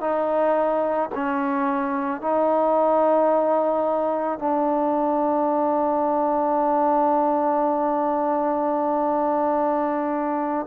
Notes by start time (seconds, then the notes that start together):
0.00 D#4
1.15 C#4
2.21 D#4
4.39 D4